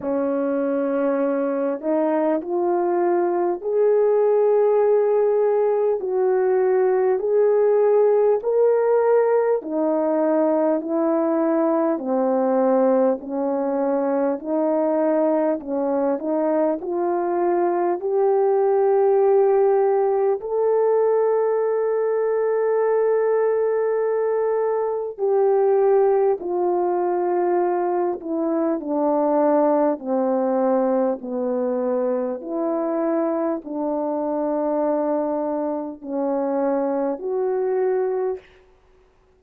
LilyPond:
\new Staff \with { instrumentName = "horn" } { \time 4/4 \tempo 4 = 50 cis'4. dis'8 f'4 gis'4~ | gis'4 fis'4 gis'4 ais'4 | dis'4 e'4 c'4 cis'4 | dis'4 cis'8 dis'8 f'4 g'4~ |
g'4 a'2.~ | a'4 g'4 f'4. e'8 | d'4 c'4 b4 e'4 | d'2 cis'4 fis'4 | }